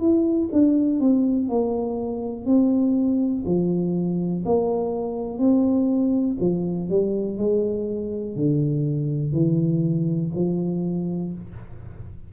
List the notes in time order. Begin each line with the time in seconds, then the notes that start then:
0.00 E4
0.52 D4
1.00 C4
1.49 A#3
2.46 C4
3.46 F3
4.45 A#3
5.39 C4
6.40 F3
6.89 G3
7.38 G#3
8.36 D3
9.33 E3
10.35 F3